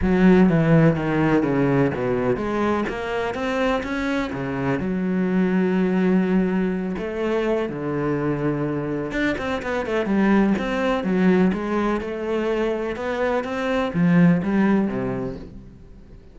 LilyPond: \new Staff \with { instrumentName = "cello" } { \time 4/4 \tempo 4 = 125 fis4 e4 dis4 cis4 | b,4 gis4 ais4 c'4 | cis'4 cis4 fis2~ | fis2~ fis8 a4. |
d2. d'8 c'8 | b8 a8 g4 c'4 fis4 | gis4 a2 b4 | c'4 f4 g4 c4 | }